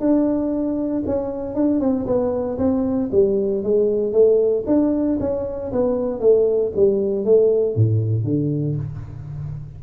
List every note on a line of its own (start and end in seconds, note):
0.00 1.03 D4
1.06 1.55 C#4
1.55 1.80 D4
1.80 2.06 C4
2.06 2.58 B3
2.58 3.10 C4
3.12 3.63 G3
3.63 4.13 G#3
4.13 4.64 A3
4.67 5.18 D4
5.20 5.72 C#4
5.72 6.20 B3
6.20 6.72 A3
6.76 7.25 G3
7.25 7.76 A3
7.76 8.24 A2
8.24 8.76 D3